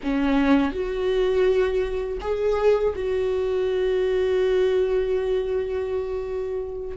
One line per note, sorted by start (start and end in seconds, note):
0.03 0.72 C#4
0.72 2.18 F#4
2.20 2.93 G#4
2.95 6.96 F#4